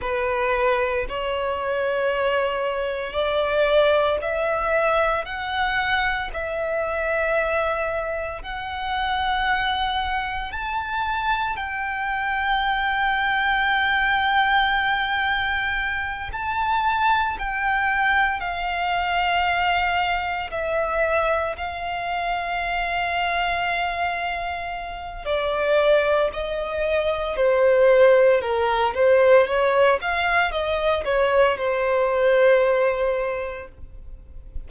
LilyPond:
\new Staff \with { instrumentName = "violin" } { \time 4/4 \tempo 4 = 57 b'4 cis''2 d''4 | e''4 fis''4 e''2 | fis''2 a''4 g''4~ | g''2.~ g''8 a''8~ |
a''8 g''4 f''2 e''8~ | e''8 f''2.~ f''8 | d''4 dis''4 c''4 ais'8 c''8 | cis''8 f''8 dis''8 cis''8 c''2 | }